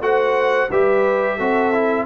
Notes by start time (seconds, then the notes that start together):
0.00 A3 F#4 C5 F#5
0.70 G3 G4 B4 E5
1.36 C4 F#4 A4
1.73 E4